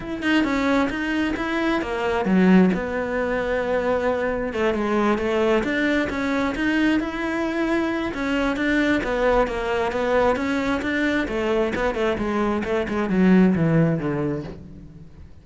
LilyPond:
\new Staff \with { instrumentName = "cello" } { \time 4/4 \tempo 4 = 133 e'8 dis'8 cis'4 dis'4 e'4 | ais4 fis4 b2~ | b2 a8 gis4 a8~ | a8 d'4 cis'4 dis'4 e'8~ |
e'2 cis'4 d'4 | b4 ais4 b4 cis'4 | d'4 a4 b8 a8 gis4 | a8 gis8 fis4 e4 d4 | }